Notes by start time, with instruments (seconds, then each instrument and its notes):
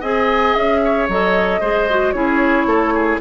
0.00 bassoon C4, clarinet G#4, oboe D#5, flute G#5
0.54 bassoon C#4, flute E5
0.84 oboe C#5
1.08 bassoon F#3, clarinet A4, flute D#5
1.60 bassoon G#3, clarinet G#4, oboe C5
1.89 clarinet F#4
2.12 bassoon C#4, clarinet E4, oboe G#4, flute C#5
2.66 bassoon A3, oboe A4
2.94 oboe G#4